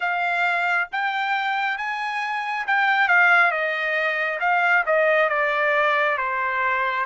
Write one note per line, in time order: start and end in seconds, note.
0.00 0.88 F5
0.91 1.77 G5
1.77 2.66 G#5
2.67 3.08 G5
3.08 3.51 F5
3.51 4.39 D#5
4.40 4.84 F5
4.85 5.29 D#5
5.29 6.17 D5
6.17 7.05 C5